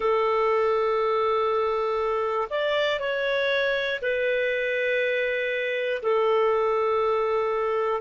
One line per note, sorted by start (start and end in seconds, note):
0.00 2.48 A4
2.50 3.00 D5
3.00 4.00 C#5
4.01 6.01 B4
6.02 8.01 A4